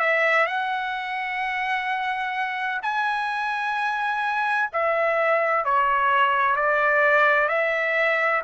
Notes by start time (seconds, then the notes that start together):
0.00 E5
0.47 F#5
2.83 G#5
4.73 E5
5.65 C#5
6.56 D5
7.49 E5